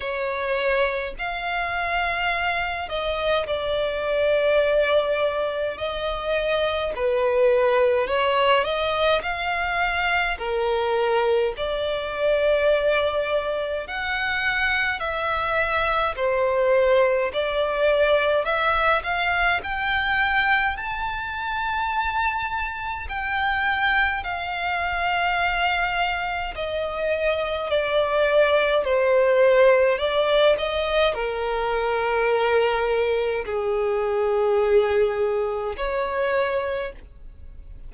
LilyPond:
\new Staff \with { instrumentName = "violin" } { \time 4/4 \tempo 4 = 52 cis''4 f''4. dis''8 d''4~ | d''4 dis''4 b'4 cis''8 dis''8 | f''4 ais'4 d''2 | fis''4 e''4 c''4 d''4 |
e''8 f''8 g''4 a''2 | g''4 f''2 dis''4 | d''4 c''4 d''8 dis''8 ais'4~ | ais'4 gis'2 cis''4 | }